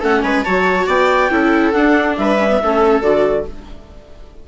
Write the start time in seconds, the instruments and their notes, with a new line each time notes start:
0.00 bassoon A3, viola C#4 A4, clarinet F#5
0.22 bassoon G#3, viola B4, clarinet G#5
0.43 bassoon F#3, viola F#4 C#5, clarinet A5
0.87 bassoon B3, viola D5, clarinet G5
1.30 bassoon C#4, viola E4 A4
1.72 viola D4, bassoon D4, clarinet F#5
2.17 bassoon G3, viola B4, clarinet E5
2.39 viola C#4
2.49 viola B3
2.62 bassoon A3, viola C#4 A4
3.02 bassoon D3, viola F#4, clarinet D5